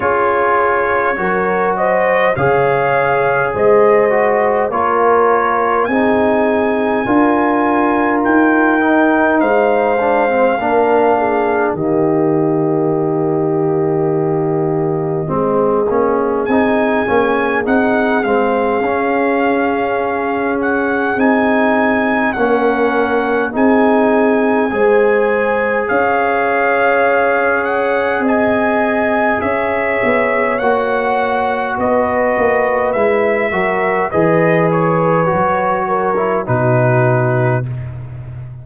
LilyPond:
<<
  \new Staff \with { instrumentName = "trumpet" } { \time 4/4 \tempo 4 = 51 cis''4. dis''8 f''4 dis''4 | cis''4 gis''2 g''4 | f''2 dis''2~ | dis''2 gis''4 fis''8 f''8~ |
f''4. fis''8 gis''4 fis''4 | gis''2 f''4. fis''8 | gis''4 e''4 fis''4 dis''4 | e''4 dis''8 cis''4. b'4 | }
  \new Staff \with { instrumentName = "horn" } { \time 4/4 gis'4 ais'8 c''8 cis''4 c''4 | ais'4 gis'4 ais'2 | c''4 ais'8 gis'8 g'2~ | g'4 gis'2.~ |
gis'2. ais'4 | gis'4 c''4 cis''2 | dis''4 cis''2 b'4~ | b'8 ais'8 b'4. ais'8 fis'4 | }
  \new Staff \with { instrumentName = "trombone" } { \time 4/4 f'4 fis'4 gis'4. fis'8 | f'4 dis'4 f'4. dis'8~ | dis'8 d'16 c'16 d'4 ais2~ | ais4 c'8 cis'8 dis'8 cis'8 dis'8 c'8 |
cis'2 dis'4 cis'4 | dis'4 gis'2.~ | gis'2 fis'2 | e'8 fis'8 gis'4 fis'8. e'16 dis'4 | }
  \new Staff \with { instrumentName = "tuba" } { \time 4/4 cis'4 fis4 cis4 gis4 | ais4 c'4 d'4 dis'4 | gis4 ais4 dis2~ | dis4 gis8 ais8 c'8 ais8 c'8 gis8 |
cis'2 c'4 ais4 | c'4 gis4 cis'2 | c'4 cis'8 b8 ais4 b8 ais8 | gis8 fis8 e4 fis4 b,4 | }
>>